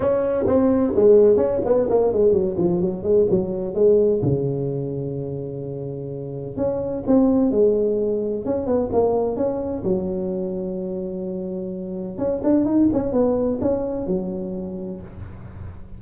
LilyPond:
\new Staff \with { instrumentName = "tuba" } { \time 4/4 \tempo 4 = 128 cis'4 c'4 gis4 cis'8 b8 | ais8 gis8 fis8 f8 fis8 gis8 fis4 | gis4 cis2.~ | cis2 cis'4 c'4 |
gis2 cis'8 b8 ais4 | cis'4 fis2.~ | fis2 cis'8 d'8 dis'8 cis'8 | b4 cis'4 fis2 | }